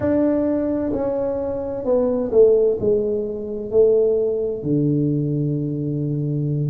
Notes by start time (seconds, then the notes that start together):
0.00 D4
0.92 C#4
1.85 B3
2.31 A3
2.79 G#3
3.70 A3
4.62 D3